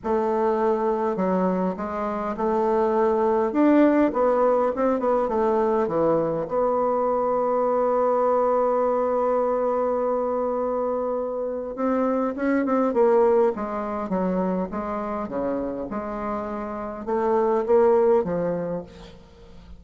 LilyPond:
\new Staff \with { instrumentName = "bassoon" } { \time 4/4 \tempo 4 = 102 a2 fis4 gis4 | a2 d'4 b4 | c'8 b8 a4 e4 b4~ | b1~ |
b1 | c'4 cis'8 c'8 ais4 gis4 | fis4 gis4 cis4 gis4~ | gis4 a4 ais4 f4 | }